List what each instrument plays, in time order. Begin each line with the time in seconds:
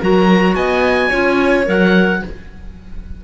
0.00 cello F#3, clarinet F#4, violin A#4, oboe A#5
0.55 cello B3, violin D#5, oboe G#5
1.09 cello C#4, clarinet F4, violin C#5
1.65 cello F#3, clarinet A#4, oboe F#5